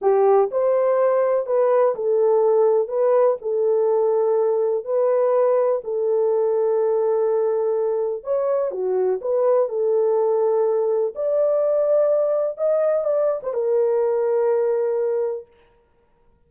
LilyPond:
\new Staff \with { instrumentName = "horn" } { \time 4/4 \tempo 4 = 124 g'4 c''2 b'4 | a'2 b'4 a'4~ | a'2 b'2 | a'1~ |
a'4 cis''4 fis'4 b'4 | a'2. d''4~ | d''2 dis''4 d''8. c''16 | ais'1 | }